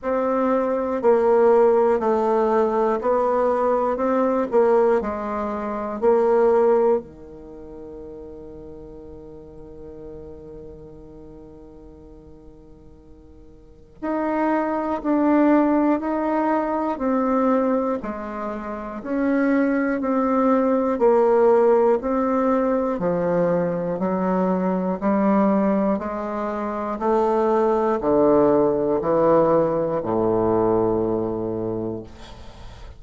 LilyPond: \new Staff \with { instrumentName = "bassoon" } { \time 4/4 \tempo 4 = 60 c'4 ais4 a4 b4 | c'8 ais8 gis4 ais4 dis4~ | dis1~ | dis2 dis'4 d'4 |
dis'4 c'4 gis4 cis'4 | c'4 ais4 c'4 f4 | fis4 g4 gis4 a4 | d4 e4 a,2 | }